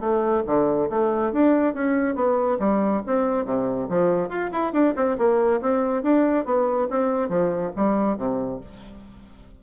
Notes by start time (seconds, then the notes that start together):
0.00 A3
0.46 D3
0.89 A3
1.32 D4
1.74 C#4
2.15 B3
2.59 G3
3.06 C4
3.45 C3
3.89 F3
4.29 F4
4.52 E4
4.73 D4
4.96 C4
5.18 A#3
5.61 C4
6.03 D4
6.45 B3
6.90 C4
7.29 F3
7.76 G3
8.17 C3